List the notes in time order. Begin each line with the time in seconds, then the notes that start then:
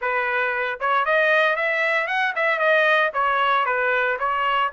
0.01 B4
0.80 C#5
1.05 D#5
1.56 E5
2.07 F#5
2.35 E5
2.58 D#5
3.13 C#5
3.65 B4
4.19 C#5